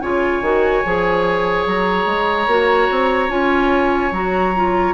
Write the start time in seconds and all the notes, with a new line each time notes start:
0.00 C#3 F4 C#5 G#5
0.41 D#3 F#4
0.84 F3 G#4
1.66 F#3 A#5
2.05 G#3
2.47 A#3 F#4
2.91 C4
3.28 C#4 F4 G#5
4.11 F#3 F#4 A#5
4.55 F4